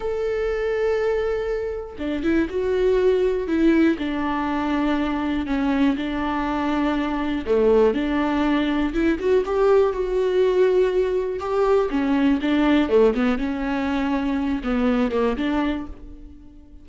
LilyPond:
\new Staff \with { instrumentName = "viola" } { \time 4/4 \tempo 4 = 121 a'1 | d'8 e'8 fis'2 e'4 | d'2. cis'4 | d'2. a4 |
d'2 e'8 fis'8 g'4 | fis'2. g'4 | cis'4 d'4 a8 b8 cis'4~ | cis'4. b4 ais8 d'4 | }